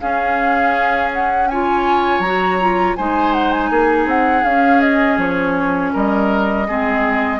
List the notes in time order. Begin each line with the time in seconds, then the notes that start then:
0.00 C#4 G#4 F5
1.13 F#5
1.48 F4 C#5 G#5
2.19 F#3 F#4 A#5
2.61 F4
2.96 G#3 D#4 C5 G#5
3.33 F#5
3.51 G#5
3.70 A#3 G#4
4.06 C4 F#5
4.43 C#4 F5
4.81 D#5
5.17 F3 C#5
5.93 G3 A#4 D#5
6.67 G#3 C4 G#4